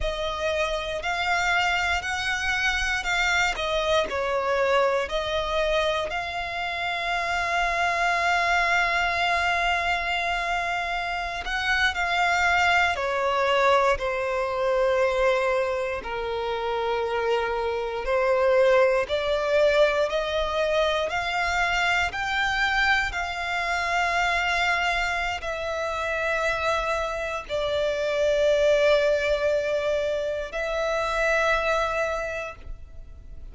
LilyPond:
\new Staff \with { instrumentName = "violin" } { \time 4/4 \tempo 4 = 59 dis''4 f''4 fis''4 f''8 dis''8 | cis''4 dis''4 f''2~ | f''2.~ f''16 fis''8 f''16~ | f''8. cis''4 c''2 ais'16~ |
ais'4.~ ais'16 c''4 d''4 dis''16~ | dis''8. f''4 g''4 f''4~ f''16~ | f''4 e''2 d''4~ | d''2 e''2 | }